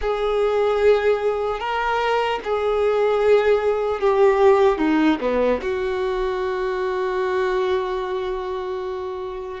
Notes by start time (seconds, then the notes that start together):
0.01 G#4
1.59 A#4
2.44 G#4
4.00 G4
4.78 D#4
5.20 B3
5.61 F#4